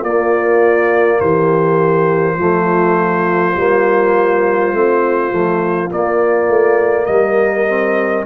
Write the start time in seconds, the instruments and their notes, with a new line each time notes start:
0.00 tuba A#3, trombone A#3, horn F4, trumpet D5
1.20 tuba E3, horn G4, trumpet C5
2.35 tuba F3, trombone A3, horn F4
3.56 tuba G3, trombone A#3
4.72 tuba A3, trombone C4
5.31 tuba F3, trombone A3
5.91 trombone A#3, tuba A#3, trumpet D5
6.48 tuba A3
7.06 tuba G3, horn A#4, trumpet D#5
7.67 trombone C4